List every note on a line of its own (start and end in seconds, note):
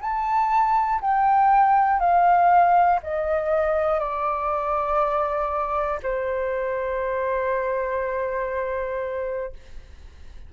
0.00 1.00 A5
1.00 1.99 G5
1.99 2.99 F5
3.02 4.00 D#5
4.00 6.00 D5
6.02 9.52 C5